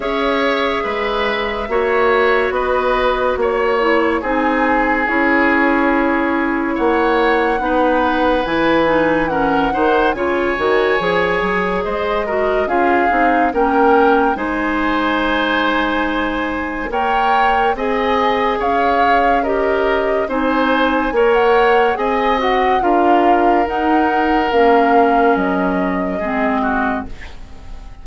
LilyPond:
<<
  \new Staff \with { instrumentName = "flute" } { \time 4/4 \tempo 4 = 71 e''2. dis''4 | cis''4 gis''4 cis''2 | fis''2 gis''4 fis''4 | gis''2 dis''4 f''4 |
g''4 gis''2. | g''4 gis''4 f''4 dis''4 | gis''4~ gis''16 fis''8. gis''8 fis''8 f''4 | fis''4 f''4 dis''2 | }
  \new Staff \with { instrumentName = "oboe" } { \time 4/4 cis''4 b'4 cis''4 b'4 | cis''4 gis'2. | cis''4 b'2 ais'8 c''8 | cis''2 c''8 ais'8 gis'4 |
ais'4 c''2. | cis''4 dis''4 cis''4 ais'4 | c''4 cis''4 dis''4 ais'4~ | ais'2. gis'8 fis'8 | }
  \new Staff \with { instrumentName = "clarinet" } { \time 4/4 gis'2 fis'2~ | fis'8 e'8 dis'4 e'2~ | e'4 dis'4 e'8 dis'8 cis'8 dis'8 | f'8 fis'8 gis'4. fis'8 f'8 dis'8 |
cis'4 dis'2. | ais'4 gis'2 g'4 | dis'4 ais'4 gis'8 fis'8 f'4 | dis'4 cis'2 c'4 | }
  \new Staff \with { instrumentName = "bassoon" } { \time 4/4 cis'4 gis4 ais4 b4 | ais4 c'4 cis'2 | ais4 b4 e4. dis8 | cis8 dis8 f8 fis8 gis4 cis'8 c'8 |
ais4 gis2. | ais4 c'4 cis'2 | c'4 ais4 c'4 d'4 | dis'4 ais4 fis4 gis4 | }
>>